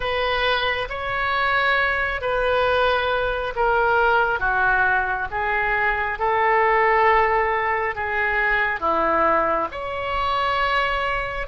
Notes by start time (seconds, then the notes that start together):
0.00 B4
0.89 C#5
2.21 B4
3.55 A#4
4.39 F#4
5.30 G#4
6.18 A4
7.95 G#4
8.80 E4
9.71 C#5